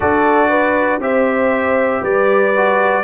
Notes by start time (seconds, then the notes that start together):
0.00 D4 F#4 A4 D5
0.49 B4
0.99 C4 G4 C5 E5
2.01 G3 B4 D5
2.56 F#4